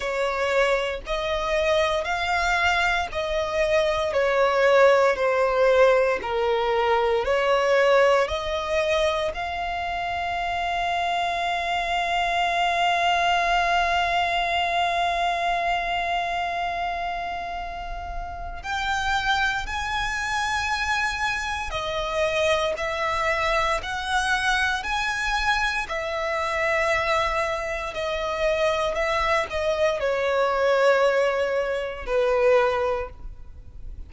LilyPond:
\new Staff \with { instrumentName = "violin" } { \time 4/4 \tempo 4 = 58 cis''4 dis''4 f''4 dis''4 | cis''4 c''4 ais'4 cis''4 | dis''4 f''2.~ | f''1~ |
f''2 g''4 gis''4~ | gis''4 dis''4 e''4 fis''4 | gis''4 e''2 dis''4 | e''8 dis''8 cis''2 b'4 | }